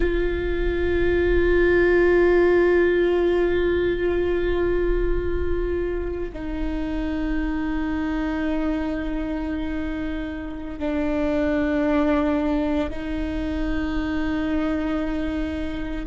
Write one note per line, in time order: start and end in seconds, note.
0.00 6.32 F4
6.33 10.79 D#4
10.79 12.89 D4
12.89 16.05 D#4